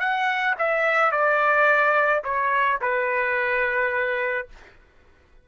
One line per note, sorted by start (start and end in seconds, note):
0.00 0.56 F#5
0.59 1.12 E5
1.12 2.23 D5
2.24 2.80 C#5
2.82 4.48 B4